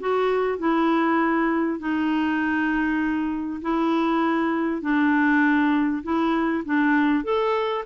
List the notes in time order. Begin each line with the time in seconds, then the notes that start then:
0.00 F#4
0.59 E4
1.79 D#4
3.62 E4
4.82 D4
6.03 E4
6.65 D4
7.24 A4